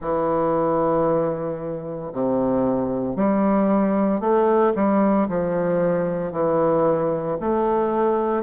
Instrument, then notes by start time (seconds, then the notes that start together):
bassoon
0.00 E3
2.12 C3
3.16 G3
4.20 A3
4.75 G3
5.28 F3
6.32 E3
7.40 A3